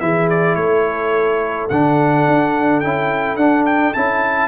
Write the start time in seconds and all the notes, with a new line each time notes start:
0.00 E3 E4 G#4 E5
0.30 D5
0.55 A3 A4 C#5
1.69 D3 D4 F#5
2.27 D4
2.80 C#4 E4 G5
3.36 D4 F#5
3.66 G5
3.94 C#4 E4 A5